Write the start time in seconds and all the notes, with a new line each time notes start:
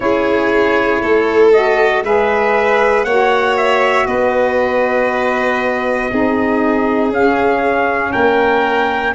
0.00 C#4 E4 G#4 C#5
1.01 A3 A4
1.52 F#4 D#5
2.03 G#3 G#4 B4 E5
3.04 A#3 F#4 C#5 F#5
3.56 E5
4.06 B3 B4 D#5
6.10 C4 D#4 G#4
7.09 C#4 F5
8.12 A#3 A#4 G5